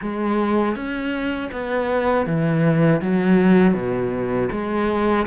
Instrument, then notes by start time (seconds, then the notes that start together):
cello
0.01 G#3
0.75 C#4
1.52 B3
2.26 E3
3.01 F#3
3.74 B2
4.51 G#3